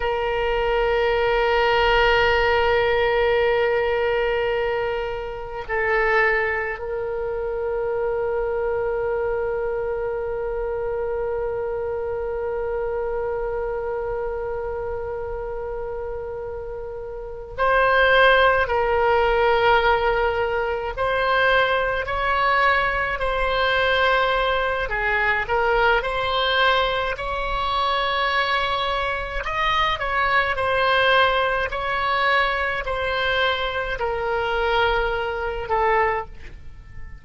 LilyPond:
\new Staff \with { instrumentName = "oboe" } { \time 4/4 \tempo 4 = 53 ais'1~ | ais'4 a'4 ais'2~ | ais'1~ | ais'2.~ ais'8 c''8~ |
c''8 ais'2 c''4 cis''8~ | cis''8 c''4. gis'8 ais'8 c''4 | cis''2 dis''8 cis''8 c''4 | cis''4 c''4 ais'4. a'8 | }